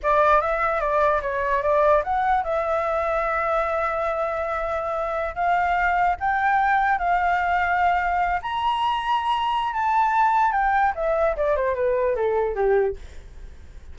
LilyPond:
\new Staff \with { instrumentName = "flute" } { \time 4/4 \tempo 4 = 148 d''4 e''4 d''4 cis''4 | d''4 fis''4 e''2~ | e''1~ | e''4~ e''16 f''2 g''8.~ |
g''4~ g''16 f''2~ f''8.~ | f''8. ais''2.~ ais''16 | a''2 g''4 e''4 | d''8 c''8 b'4 a'4 g'4 | }